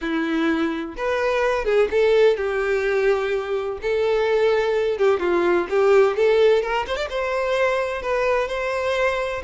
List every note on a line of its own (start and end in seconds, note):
0.01 0.95 E4
0.96 1.64 B4
1.64 1.88 G#4
1.90 2.36 A4
2.36 3.78 G4
3.82 4.97 A4
4.97 5.19 G4
5.19 5.67 F4
5.69 6.16 G4
6.16 6.62 A4
6.62 6.85 A#4
6.87 6.96 C5
6.96 7.08 D5
7.09 8.02 C5
8.02 8.48 B4
8.48 9.42 C5